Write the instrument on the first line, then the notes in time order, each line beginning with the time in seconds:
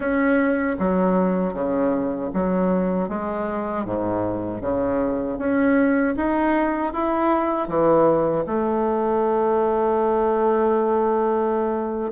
bassoon
0.00 C#4
0.79 F#3
1.53 C#3
2.33 F#3
3.08 G#3
3.85 G#2
4.61 C#3
5.38 C#4
6.16 D#4
6.93 E4
7.67 E3
8.46 A3